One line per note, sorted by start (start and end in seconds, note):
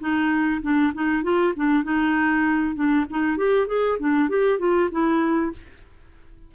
0.00 0.61 D#4
0.62 0.93 D4
0.94 1.23 D#4
1.23 1.54 F4
1.56 1.84 D4
1.84 2.75 D#4
2.75 3.06 D4
3.10 3.37 D#4
3.37 3.67 G4
3.67 3.98 G#4
3.99 4.29 D4
4.29 4.59 G4
4.59 4.90 F4
4.91 5.52 E4